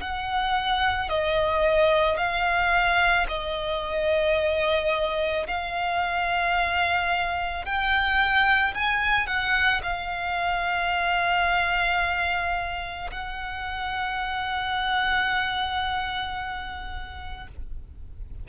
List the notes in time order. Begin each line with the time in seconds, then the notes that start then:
0.00 F#5
1.09 D#5
2.17 F5
3.28 D#5
5.47 F5
7.65 G5
8.74 G#5
9.26 F#5
9.83 F5
13.11 F#5